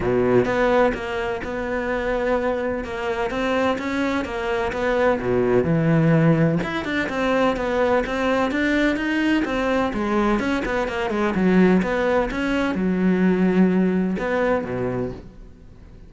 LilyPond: \new Staff \with { instrumentName = "cello" } { \time 4/4 \tempo 4 = 127 b,4 b4 ais4 b4~ | b2 ais4 c'4 | cis'4 ais4 b4 b,4 | e2 e'8 d'8 c'4 |
b4 c'4 d'4 dis'4 | c'4 gis4 cis'8 b8 ais8 gis8 | fis4 b4 cis'4 fis4~ | fis2 b4 b,4 | }